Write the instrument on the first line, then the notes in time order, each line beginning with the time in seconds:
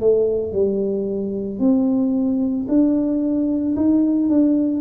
tuba
0.00 A3
0.53 G3
1.59 C4
2.68 D4
3.75 D#4
4.29 D4